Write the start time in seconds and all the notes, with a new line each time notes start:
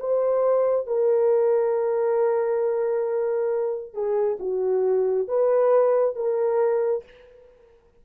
0.00 C5
0.87 A#4
3.94 G#4
4.40 F#4
5.28 B4
6.16 A#4